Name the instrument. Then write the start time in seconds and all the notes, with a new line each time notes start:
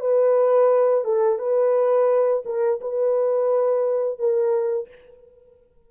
horn
0.00 B4
1.04 A4
1.39 B4
2.45 A#4
2.81 B4
4.19 A#4